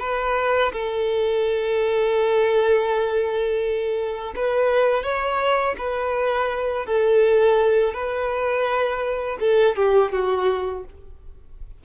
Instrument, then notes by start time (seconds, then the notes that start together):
violin
0.00 B4
0.73 A4
4.36 B4
5.04 C#5
5.78 B4
6.86 A4
7.94 B4
9.40 A4
9.76 G4
10.12 F#4